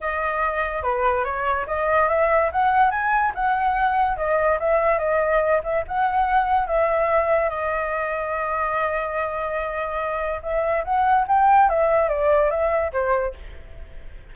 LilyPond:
\new Staff \with { instrumentName = "flute" } { \time 4/4 \tempo 4 = 144 dis''2 b'4 cis''4 | dis''4 e''4 fis''4 gis''4 | fis''2 dis''4 e''4 | dis''4. e''8 fis''2 |
e''2 dis''2~ | dis''1~ | dis''4 e''4 fis''4 g''4 | e''4 d''4 e''4 c''4 | }